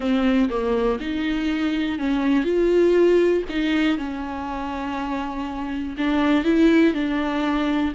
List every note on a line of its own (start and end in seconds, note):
0.00 0.49 C4
0.49 0.99 A#3
1.00 1.98 D#4
1.98 2.44 C#4
2.44 3.43 F4
3.49 3.97 D#4
3.97 5.95 C#4
5.97 6.44 D4
6.44 6.94 E4
6.94 7.93 D4